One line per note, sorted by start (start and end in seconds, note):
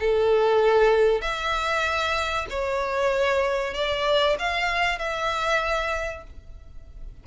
0.00 1.21 A4
1.21 2.46 E5
2.50 3.74 C#5
3.74 4.36 D5
4.39 4.99 F5
4.99 6.24 E5